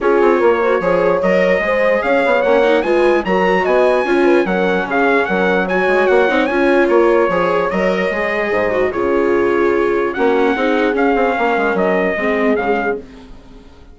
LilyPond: <<
  \new Staff \with { instrumentName = "trumpet" } { \time 4/4 \tempo 4 = 148 cis''2. dis''4~ | dis''4 f''4 fis''4 gis''4 | ais''4 gis''2 fis''4 | f''4 fis''4 gis''4 fis''4 |
gis''4 cis''2 dis''4~ | dis''2 cis''2~ | cis''4 fis''2 f''4~ | f''4 dis''2 f''4 | }
  \new Staff \with { instrumentName = "horn" } { \time 4/4 gis'4 ais'8 c''8 cis''2 | c''4 cis''2 b'4 | ais'4 dis''4 cis''8 b'8 ais'4 | gis'4 ais'4 cis''2~ |
cis''1~ | cis''4 c''4 gis'2~ | gis'4 fis'4 gis'2 | ais'2 gis'2 | }
  \new Staff \with { instrumentName = "viola" } { \time 4/4 f'4. fis'8 gis'4 ais'4 | gis'2 cis'8 dis'8 f'4 | fis'2 f'4 cis'4~ | cis'2 fis'4. dis'8 |
f'2 gis'4 ais'4 | gis'4. fis'8 f'2~ | f'4 cis'4 dis'4 cis'4~ | cis'2 c'4 gis4 | }
  \new Staff \with { instrumentName = "bassoon" } { \time 4/4 cis'8 c'8 ais4 f4 fis4 | gis4 cis'8 b8 ais4 gis4 | fis4 b4 cis'4 fis4 | cis4 fis4. gis8 ais8 c'8 |
cis'4 ais4 f4 fis4 | gis4 gis,4 cis2~ | cis4 ais4 c'4 cis'8 c'8 | ais8 gis8 fis4 gis4 cis4 | }
>>